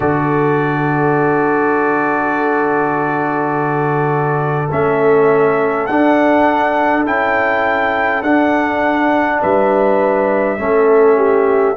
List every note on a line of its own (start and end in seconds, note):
0.00 4.70 D3
0.00 4.67 F#4
0.00 9.40 A4
0.00 4.69 D5
4.71 5.88 A3
4.71 5.88 C#4
4.71 5.86 E5
5.86 7.06 D4
5.86 7.05 D4
5.86 7.04 F#5
7.05 8.22 C#4
7.05 8.22 E4
7.05 8.22 G5
8.22 9.39 D4
8.22 10.58 D4
8.22 9.40 F#5
9.40 10.59 G3
9.40 10.58 B4
9.40 11.76 E5
10.58 11.76 A3
10.58 11.76 C#4
10.58 11.16 A4
11.16 11.75 G4